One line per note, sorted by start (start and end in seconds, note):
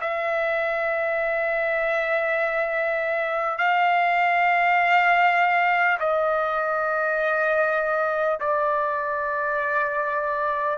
0.00 3.58 E5
3.58 5.98 F5
5.99 8.39 D#5
8.40 10.77 D5